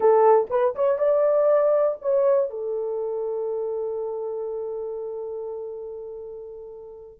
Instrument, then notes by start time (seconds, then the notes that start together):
horn
0.00 A4
0.50 B4
0.75 C#5
0.98 D5
2.01 C#5
2.50 A4